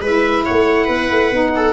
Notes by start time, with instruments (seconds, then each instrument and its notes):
0.00 tuba G#3, saxophone E4, viola B4
0.06 oboe E5
0.45 tuba A3, viola C#5, oboe F#5
0.85 tuba B3, viola B4
1.11 tuba A3
1.31 tuba B3, saxophone D#4
1.56 viola A4